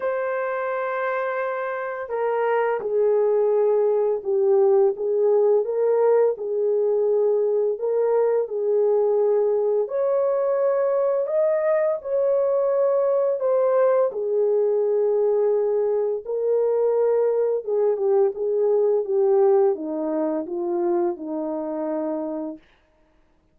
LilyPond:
\new Staff \with { instrumentName = "horn" } { \time 4/4 \tempo 4 = 85 c''2. ais'4 | gis'2 g'4 gis'4 | ais'4 gis'2 ais'4 | gis'2 cis''2 |
dis''4 cis''2 c''4 | gis'2. ais'4~ | ais'4 gis'8 g'8 gis'4 g'4 | dis'4 f'4 dis'2 | }